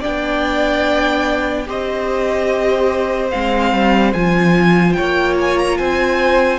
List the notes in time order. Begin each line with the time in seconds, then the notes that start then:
0.00 D4 D5 G5
0.06 B3
1.67 C4 G4 C5 D#5
3.31 G#3 C4 F5
3.72 G3
4.14 F3 F4 G#5
4.93 C#5 G5
5.00 A#3
5.41 G#5
5.58 A#5
5.77 C4 C5 G#5